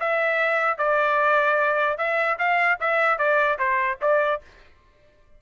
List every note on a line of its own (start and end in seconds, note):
0.00 0.78 E5
0.78 1.98 D5
1.98 2.38 E5
2.39 2.79 F5
2.81 3.19 E5
3.19 3.59 D5
3.59 3.99 C5
4.02 4.42 D5